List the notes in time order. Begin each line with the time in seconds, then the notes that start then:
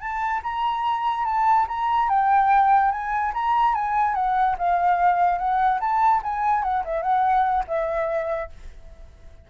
0.00 A5
0.43 A#5
1.25 A5
1.68 A#5
2.09 G5
2.91 G#5
3.34 A#5
3.74 G#5
4.15 F#5
4.58 F5
5.38 F#5
5.80 A5
6.23 G#5
6.63 F#5
6.85 E5
7.02 F#5
7.67 E5